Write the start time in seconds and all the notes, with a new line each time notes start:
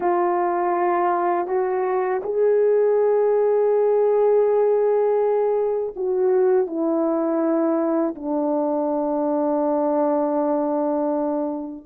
0.00 F4
1.46 F#4
2.23 G#4
5.96 F#4
6.66 E4
8.15 D4